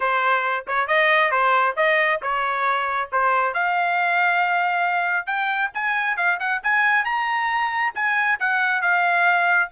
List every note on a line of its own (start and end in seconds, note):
0.00 0.65 C5
0.67 0.87 C#5
0.87 1.31 D#5
1.31 1.75 C5
1.76 2.20 D#5
2.21 3.10 C#5
3.12 3.54 C5
3.54 5.26 F5
5.26 5.70 G5
5.74 6.16 G#5
6.16 6.38 F5
6.39 6.61 F#5
6.63 7.04 G#5
7.04 7.93 A#5
7.94 8.38 G#5
8.39 8.81 F#5
8.81 9.69 F5